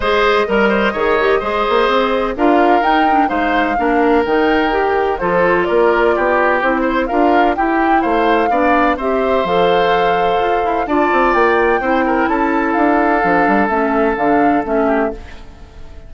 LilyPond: <<
  \new Staff \with { instrumentName = "flute" } { \time 4/4 \tempo 4 = 127 dis''1~ | dis''4 f''4 g''4 f''4~ | f''4 g''2 c''4 | d''2 c''4 f''4 |
g''4 f''2 e''4 | f''2. a''4 | g''2 a''4 f''4~ | f''4 e''4 f''4 e''4 | }
  \new Staff \with { instrumentName = "oboe" } { \time 4/4 c''4 ais'8 c''8 cis''4 c''4~ | c''4 ais'2 c''4 | ais'2. a'4 | ais'4 g'4. c''8 ais'4 |
g'4 c''4 d''4 c''4~ | c''2. d''4~ | d''4 c''8 ais'8 a'2~ | a'2.~ a'8 g'8 | }
  \new Staff \with { instrumentName = "clarinet" } { \time 4/4 gis'4 ais'4 gis'8 g'8 gis'4~ | gis'4 f'4 dis'8 d'8 dis'4 | d'4 dis'4 g'4 f'4~ | f'2 e'4 f'4 |
e'2 d'4 g'4 | a'2. f'4~ | f'4 e'2. | d'4 cis'4 d'4 cis'4 | }
  \new Staff \with { instrumentName = "bassoon" } { \time 4/4 gis4 g4 dis4 gis8 ais8 | c'4 d'4 dis'4 gis4 | ais4 dis2 f4 | ais4 b4 c'4 d'4 |
e'4 a4 b4 c'4 | f2 f'8 e'8 d'8 c'8 | ais4 c'4 cis'4 d'4 | f8 g8 a4 d4 a4 | }
>>